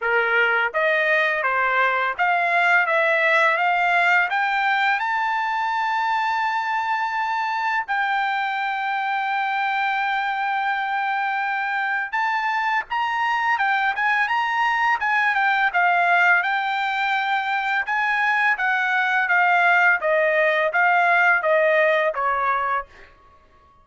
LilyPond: \new Staff \with { instrumentName = "trumpet" } { \time 4/4 \tempo 4 = 84 ais'4 dis''4 c''4 f''4 | e''4 f''4 g''4 a''4~ | a''2. g''4~ | g''1~ |
g''4 a''4 ais''4 g''8 gis''8 | ais''4 gis''8 g''8 f''4 g''4~ | g''4 gis''4 fis''4 f''4 | dis''4 f''4 dis''4 cis''4 | }